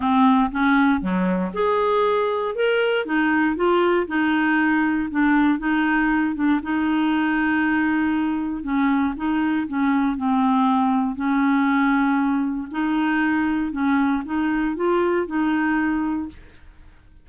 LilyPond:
\new Staff \with { instrumentName = "clarinet" } { \time 4/4 \tempo 4 = 118 c'4 cis'4 fis4 gis'4~ | gis'4 ais'4 dis'4 f'4 | dis'2 d'4 dis'4~ | dis'8 d'8 dis'2.~ |
dis'4 cis'4 dis'4 cis'4 | c'2 cis'2~ | cis'4 dis'2 cis'4 | dis'4 f'4 dis'2 | }